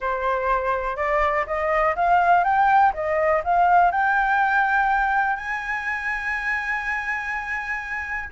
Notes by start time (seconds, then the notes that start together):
0.00 C5
0.96 D5
1.46 D#5
1.95 F5
2.43 G5
2.93 D#5
3.44 F5
3.91 G5
5.36 G#5